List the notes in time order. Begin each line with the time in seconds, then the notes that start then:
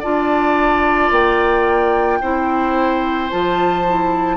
0.00 D4 F4 D5 A5
1.11 A#3 G5
2.21 C4 E4 C5
3.30 F3 F4 A5
3.87 E4